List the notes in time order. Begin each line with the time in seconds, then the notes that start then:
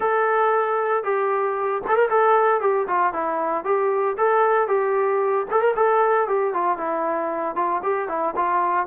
0.00 A4
1.03 G4
1.87 A4
1.96 A#4
2.10 A4
2.60 G4
2.87 F4
3.13 E4
3.64 G4
4.17 A4
4.67 G4
5.50 A4
5.61 A#4
5.76 A4
6.27 G4
6.53 F4
6.77 E4
7.55 F4
7.82 G4
8.08 E4
8.36 F4